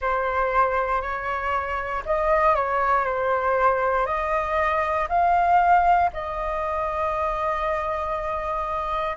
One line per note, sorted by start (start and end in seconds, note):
0.00 1.01 C5
1.01 2.03 C#5
2.05 2.55 D#5
2.55 3.04 C#5
3.04 4.06 C5
4.06 5.08 D#5
5.08 6.10 F5
6.12 9.16 D#5